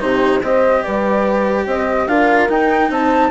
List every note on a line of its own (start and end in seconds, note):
0.00 0.42 C3
0.00 0.41 D#4
0.00 0.42 G4
0.00 0.42 C5
0.42 0.84 C4
0.42 2.08 G4
0.42 0.83 C5
0.42 0.83 D#5
0.83 1.66 G3
0.83 1.67 B4
0.83 1.66 D5
1.66 2.07 C4
1.66 2.09 C5
1.66 2.08 D#5
2.07 2.48 D4
2.07 2.49 F4
2.07 2.90 A#4
2.07 2.49 F5
2.49 3.31 D#4
2.49 2.90 D#4
2.49 2.91 G5
2.90 3.31 C4
2.90 3.31 C5
2.90 3.31 A5